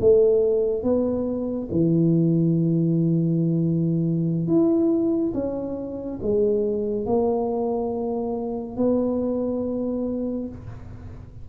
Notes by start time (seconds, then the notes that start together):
0.00 A3
0.83 B3
1.71 E3
4.47 E4
5.34 C#4
6.22 G#3
7.06 A#3
8.77 B3